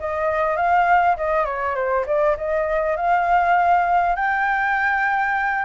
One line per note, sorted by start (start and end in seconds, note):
0.00 0.57 D#5
0.57 1.17 F5
1.17 1.45 D#5
1.45 1.75 C#5
1.76 2.06 C5
2.07 2.37 D5
2.38 2.97 D#5
2.97 4.16 F5
4.16 5.65 G5